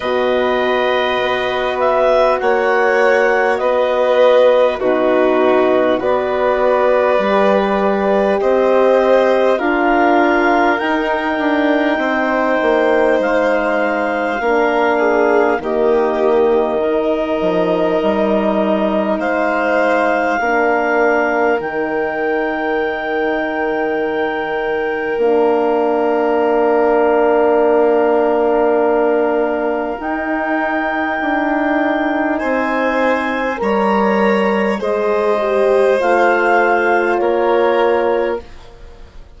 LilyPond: <<
  \new Staff \with { instrumentName = "clarinet" } { \time 4/4 \tempo 4 = 50 dis''4. e''8 fis''4 dis''4 | b'4 d''2 dis''4 | f''4 g''2 f''4~ | f''4 dis''2. |
f''2 g''2~ | g''4 f''2.~ | f''4 g''2 gis''4 | ais''4 dis''4 f''4 cis''4 | }
  \new Staff \with { instrumentName = "violin" } { \time 4/4 b'2 cis''4 b'4 | fis'4 b'2 c''4 | ais'2 c''2 | ais'8 gis'8 g'4 ais'2 |
c''4 ais'2.~ | ais'1~ | ais'2. c''4 | cis''4 c''2 ais'4 | }
  \new Staff \with { instrumentName = "horn" } { \time 4/4 fis'1 | dis'4 fis'4 g'2 | f'4 dis'2. | d'4 ais4 dis'2~ |
dis'4 d'4 dis'2~ | dis'4 d'2.~ | d'4 dis'2. | ais'4 gis'8 g'8 f'2 | }
  \new Staff \with { instrumentName = "bassoon" } { \time 4/4 b,4 b4 ais4 b4 | b,4 b4 g4 c'4 | d'4 dis'8 d'8 c'8 ais8 gis4 | ais4 dis4. f8 g4 |
gis4 ais4 dis2~ | dis4 ais2.~ | ais4 dis'4 d'4 c'4 | g4 gis4 a4 ais4 | }
>>